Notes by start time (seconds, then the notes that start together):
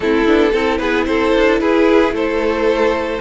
0.00 A3 C4 E4 A4
0.26 B3 D4
0.51 C4 E4 A4
0.77 B3 G#4 B4
1.05 C4 A4 C5
1.34 D4
1.60 E4 G#4 B4
2.11 A3 A4 C5